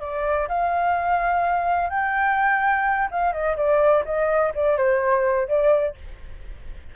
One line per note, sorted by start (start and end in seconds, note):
0.00 0.48 D5
0.48 1.90 F5
1.90 3.09 G5
3.11 3.32 F5
3.32 3.56 D#5
3.56 4.04 D5
4.05 4.52 D#5
4.55 4.77 D5
4.77 5.48 C5
5.48 5.95 D5